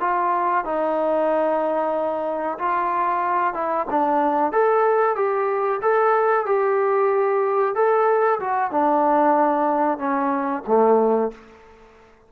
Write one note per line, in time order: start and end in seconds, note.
0.00 0.64 F4
0.64 2.58 D#4
2.58 3.54 F4
3.54 3.86 E4
3.90 4.52 D4
4.52 5.16 A4
5.16 5.80 G4
5.81 6.45 A4
6.45 7.74 G4
7.75 8.39 A4
8.40 8.71 F#4
8.71 9.98 D4
9.98 10.62 C#4
10.67 11.31 A3